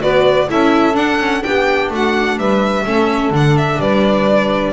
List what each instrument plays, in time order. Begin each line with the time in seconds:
0.00 double bass B3, viola F#4, saxophone B4, violin D5
0.50 double bass C#4, viola E4, saxophone A4, violin E5
0.94 viola D4, double bass D4, violin F#5
1.19 viola C#4
1.42 double bass B3, viola D4, saxophone G4, violin G5
1.91 double bass A3, saxophone F#4, violin F#5
2.38 double bass G3, saxophone B4, violin E5
2.86 double bass A3, viola C#4, saxophone A4
3.31 double bass D3, viola D4, violin F#5
3.58 violin E5
3.80 double bass G3, saxophone B4, violin D5